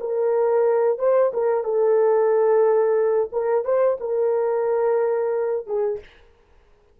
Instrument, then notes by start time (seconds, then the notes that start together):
horn
0.00 A#4
0.98 C5
1.33 A#4
1.63 A4
3.32 A#4
3.64 C5
4.00 A#4
5.66 G#4